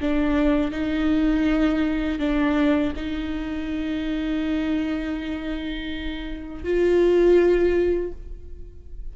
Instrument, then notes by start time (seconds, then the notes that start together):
viola
0.00 D4
0.71 D#4
2.19 D4
2.96 D#4
6.64 F4